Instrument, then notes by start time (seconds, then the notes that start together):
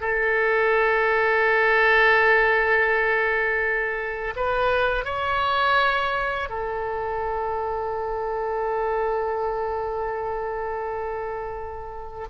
oboe
0.00 A4
4.36 B4
5.05 C#5
6.49 A4